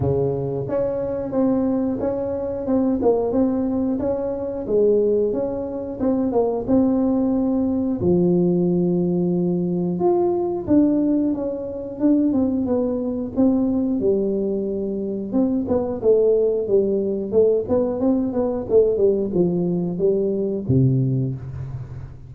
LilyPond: \new Staff \with { instrumentName = "tuba" } { \time 4/4 \tempo 4 = 90 cis4 cis'4 c'4 cis'4 | c'8 ais8 c'4 cis'4 gis4 | cis'4 c'8 ais8 c'2 | f2. f'4 |
d'4 cis'4 d'8 c'8 b4 | c'4 g2 c'8 b8 | a4 g4 a8 b8 c'8 b8 | a8 g8 f4 g4 c4 | }